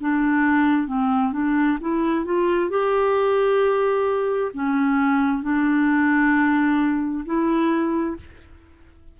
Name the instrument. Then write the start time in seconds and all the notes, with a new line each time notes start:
clarinet
0.00 D4
0.87 C4
1.32 D4
1.80 E4
2.25 F4
2.69 G4
4.54 C#4
5.42 D4
7.25 E4